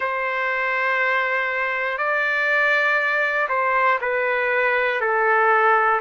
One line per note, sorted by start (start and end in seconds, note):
0.00 1.98 C5
1.98 3.48 D5
3.48 3.98 C5
4.00 5.00 B4
5.00 6.00 A4